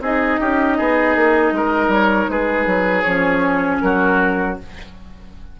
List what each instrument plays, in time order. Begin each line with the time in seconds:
0.00 bassoon C4, clarinet D#4, oboe G#4, flute D#5
0.40 bassoon C#4, oboe G4
0.77 bassoon B3, oboe G#4
1.16 bassoon A#3
1.52 bassoon G#3, oboe A#4
1.88 bassoon G3, flute C#5
2.29 bassoon G#3, oboe G#4, flute B4
2.66 bassoon F#3
3.01 bassoon F3, clarinet C#4, flute C#5
3.80 bassoon F#3, oboe F#4, flute A#4